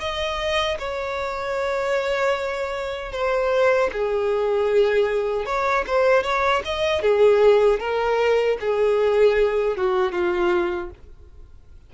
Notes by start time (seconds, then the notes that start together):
0.00 D#5
0.79 C#5
3.12 C5
3.93 G#4
5.46 C#5
5.87 C5
6.23 C#5
6.65 D#5
7.02 G#4
7.80 A#4
8.61 G#4
9.77 F#4
10.12 F4